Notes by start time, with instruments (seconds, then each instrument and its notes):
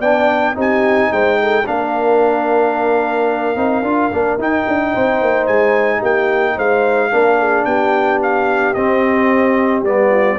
0.00 tuba B3, trombone D4, horn D5, trumpet G5
0.55 tuba C4, trombone D#4, horn G4
0.61 trumpet G#5
1.12 tuba G#3, horn C5, trumpet G5
1.41 horn A4
1.66 tuba A#3, trombone D4, horn A#4, trumpet F5
3.56 tuba C4, trombone D#4
3.83 tuba D4, trombone F4
4.12 tuba A#3, trombone D4
4.38 tuba D#4, trombone D#4, trumpet G5
4.68 tuba D4
4.93 tuba C4, horn C5
5.22 tuba A#3
5.47 tuba G#3, trumpet G#5
5.99 tuba A#3, horn G4, trumpet G5
6.56 tuba G#3, horn C5, trumpet F5
7.12 tuba A#3, trombone D4, horn A#4
7.39 horn G#4
7.65 tuba B3, horn G4, trumpet G5
8.23 trumpet F5
8.74 tuba C4, trombone C4, trumpet D#5
9.83 tuba G3, trombone B3, trumpet D5
10.10 horn F4